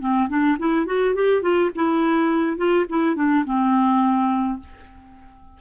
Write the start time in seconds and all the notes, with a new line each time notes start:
0.00 C4
0.29 D4
0.59 E4
0.86 F#4
1.15 G4
1.42 F4
1.75 E4
2.57 F4
2.89 E4
3.16 D4
3.45 C4